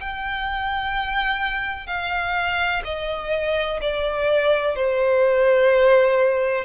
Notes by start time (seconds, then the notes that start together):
0.00 G5
1.87 F5
2.84 D#5
3.81 D5
4.75 C5